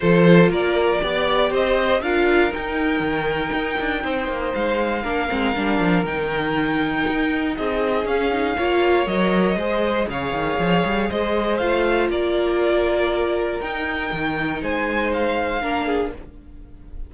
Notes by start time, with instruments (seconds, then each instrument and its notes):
0.00 cello F3, viola F4, violin A4 C5
0.50 cello A#3, violin A#4 D5
1.00 cello B3, viola G4, violin D5
1.50 cello C4, violin C5 D#5
2.01 cello D4, viola F4, violin A#4 F5
2.50 viola D#4, cello D#4, violin G5
2.99 cello D#3
3.53 cello D#4
3.79 cello D4
4.03 cello C4, violin C5
4.28 cello A#3
4.54 cello G#3, violin F5
5.02 cello A#3, viola D4, violin A#4
5.28 cello G#3, viola C4
5.55 cello G3, viola D4
5.80 cello F3
6.03 cello D#3, viola D#4, violin G5
7.07 cello D#4
7.56 cello C4, violin G#4 D#5
8.05 cello C#4, viola C#4, violin F5
8.32 viola D#4
8.57 cello A#3, viola F4, violin C#5
9.06 cello F#3, viola A#4, violin D#5
9.55 cello G#3, viola G#4, violin C5
10.07 cello C#3, violin C#5 F5
10.32 cello D#3
10.59 cello F3
10.84 cello G3
11.09 cello G#3, violin C5 D#5
11.57 cello A3, viola F4, violin F5
12.09 cello A#3, violin A#4 D5
13.60 cello D#4, viola D#4, violin G5
14.12 cello D#3
14.61 cello G#3, violin C5 G#5
15.13 violin F5
15.61 cello A#3, viola D4, violin A#4
15.86 violin G#4